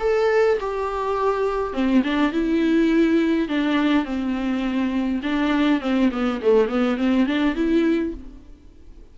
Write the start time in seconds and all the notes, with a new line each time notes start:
0.00 A4
0.60 G4
1.73 C4
2.04 D4
2.32 E4
3.49 D4
4.05 C4
5.23 D4
5.81 C4
6.12 B3
6.42 A3
6.69 B3
6.97 C4
7.27 D4
7.55 E4